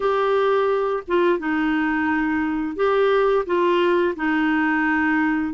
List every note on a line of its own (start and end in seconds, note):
0.00 1.03 G4
1.07 1.38 F4
1.38 2.76 D#4
2.76 3.45 G4
3.45 4.14 F4
4.16 5.53 D#4